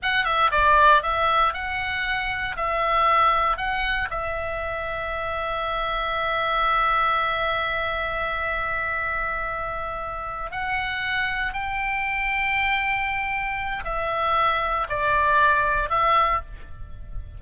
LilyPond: \new Staff \with { instrumentName = "oboe" } { \time 4/4 \tempo 4 = 117 fis''8 e''8 d''4 e''4 fis''4~ | fis''4 e''2 fis''4 | e''1~ | e''1~ |
e''1~ | e''8 fis''2 g''4.~ | g''2. e''4~ | e''4 d''2 e''4 | }